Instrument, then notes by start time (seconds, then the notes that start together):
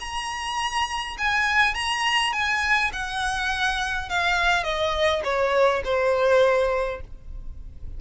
violin
0.00 A#5
1.18 G#5
1.74 A#5
2.32 G#5
2.92 F#5
4.09 F5
4.64 D#5
5.24 C#5
5.84 C5